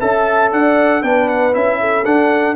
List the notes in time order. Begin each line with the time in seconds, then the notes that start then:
0.00 C#4 A4 E5 A5
0.52 D4 D5 F#5
1.02 B3 D4 B4 G5
1.28 F#5
1.53 C#4 E4 E5
1.81 A4
2.05 D4 F#5